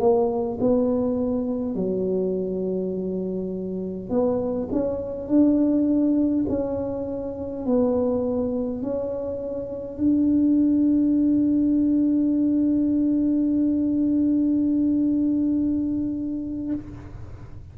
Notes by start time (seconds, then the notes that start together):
0.00 A#3
0.61 B3
1.76 F#3
4.10 B3
4.72 C#4
5.28 D4
6.49 C#4
7.66 B3
8.83 C#4
9.98 D4